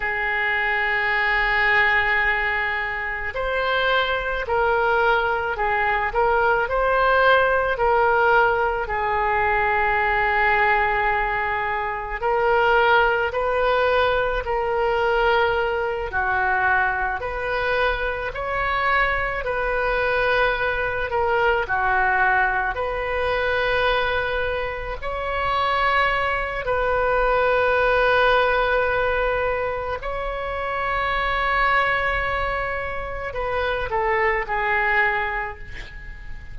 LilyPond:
\new Staff \with { instrumentName = "oboe" } { \time 4/4 \tempo 4 = 54 gis'2. c''4 | ais'4 gis'8 ais'8 c''4 ais'4 | gis'2. ais'4 | b'4 ais'4. fis'4 b'8~ |
b'8 cis''4 b'4. ais'8 fis'8~ | fis'8 b'2 cis''4. | b'2. cis''4~ | cis''2 b'8 a'8 gis'4 | }